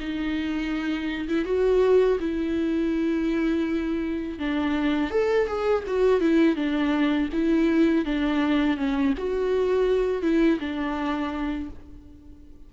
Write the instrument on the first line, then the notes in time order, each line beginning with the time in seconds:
viola
0.00 D#4
1.28 E4
1.45 F#4
2.20 E4
4.39 D4
5.11 A4
5.47 G#4
5.87 F#4
6.21 E4
6.56 D4
7.33 E4
8.05 D4
8.77 C#4
9.18 F#4
10.22 E4
10.60 D4